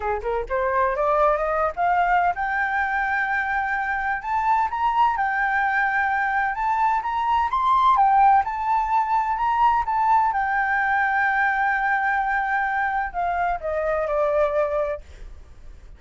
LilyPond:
\new Staff \with { instrumentName = "flute" } { \time 4/4 \tempo 4 = 128 gis'8 ais'8 c''4 d''4 dis''8. f''16~ | f''4 g''2.~ | g''4 a''4 ais''4 g''4~ | g''2 a''4 ais''4 |
c'''4 g''4 a''2 | ais''4 a''4 g''2~ | g''1 | f''4 dis''4 d''2 | }